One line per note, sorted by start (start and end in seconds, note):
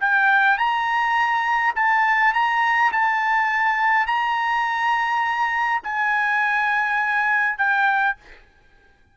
0.00 0.57 G5
0.57 1.74 A#5
1.75 2.33 A5
2.33 2.92 A#5
2.92 4.06 A5
4.06 5.81 A#5
5.83 7.58 G#5
7.58 8.16 G5